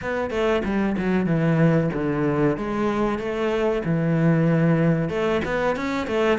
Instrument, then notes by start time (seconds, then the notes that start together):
cello
0.01 B3
0.30 A3
0.64 G3
0.97 F#3
1.26 E3
1.93 D3
2.57 G#3
3.18 A3
3.84 E3
5.09 A3
5.44 B3
5.76 C#4
6.07 A3